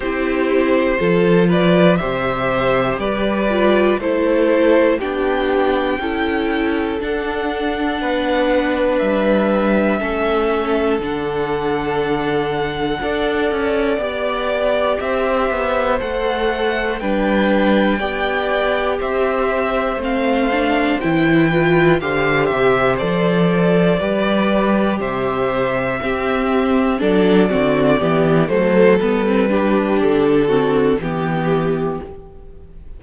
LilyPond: <<
  \new Staff \with { instrumentName = "violin" } { \time 4/4 \tempo 4 = 60 c''4. d''8 e''4 d''4 | c''4 g''2 fis''4~ | fis''4 e''2 fis''4~ | fis''2 d''4 e''4 |
fis''4 g''2 e''4 | f''4 g''4 f''8 e''8 d''4~ | d''4 e''2 d''4~ | d''8 c''8 b'4 a'4 g'4 | }
  \new Staff \with { instrumentName = "violin" } { \time 4/4 g'4 a'8 b'8 c''4 b'4 | a'4 g'4 a'2 | b'2 a'2~ | a'4 d''2 c''4~ |
c''4 b'4 d''4 c''4~ | c''4. b'8 c''2 | b'4 c''4 g'4 a'8 fis'8 | g'8 a'4 g'4 fis'8 g'4 | }
  \new Staff \with { instrumentName = "viola" } { \time 4/4 e'4 f'4 g'4. f'8 | e'4 d'4 e'4 d'4~ | d'2 cis'4 d'4~ | d'4 a'4 g'2 |
a'4 d'4 g'2 | c'8 d'8 e'8 f'8 g'4 a'4 | g'2 c'4 d'8 c'8 | b8 a8 b16 c'16 d'4 c'8 b4 | }
  \new Staff \with { instrumentName = "cello" } { \time 4/4 c'4 f4 c4 g4 | a4 b4 cis'4 d'4 | b4 g4 a4 d4~ | d4 d'8 cis'8 b4 c'8 b8 |
a4 g4 b4 c'4 | a4 e4 d8 c8 f4 | g4 c4 c'4 fis8 d8 | e8 fis8 g4 d4 e4 | }
>>